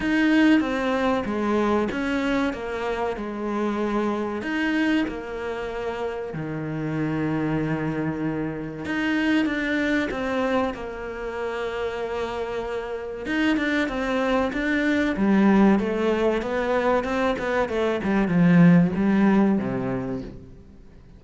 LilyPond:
\new Staff \with { instrumentName = "cello" } { \time 4/4 \tempo 4 = 95 dis'4 c'4 gis4 cis'4 | ais4 gis2 dis'4 | ais2 dis2~ | dis2 dis'4 d'4 |
c'4 ais2.~ | ais4 dis'8 d'8 c'4 d'4 | g4 a4 b4 c'8 b8 | a8 g8 f4 g4 c4 | }